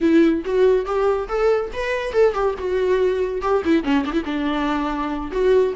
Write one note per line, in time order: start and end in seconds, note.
0.01 0.43 E4
0.44 0.85 F#4
0.85 1.28 G4
1.28 1.71 A4
1.73 2.12 B4
2.12 2.33 A4
2.33 2.54 G4
2.58 3.41 F#4
3.41 3.62 G4
3.64 3.83 E4
3.83 4.04 C#4
4.05 4.12 D4
4.12 4.23 E4
4.24 5.31 D4
5.31 5.74 F#4